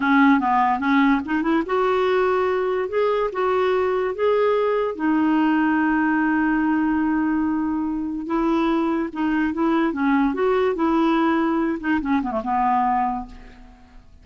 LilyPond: \new Staff \with { instrumentName = "clarinet" } { \time 4/4 \tempo 4 = 145 cis'4 b4 cis'4 dis'8 e'8 | fis'2. gis'4 | fis'2 gis'2 | dis'1~ |
dis'1 | e'2 dis'4 e'4 | cis'4 fis'4 e'2~ | e'8 dis'8 cis'8 b16 a16 b2 | }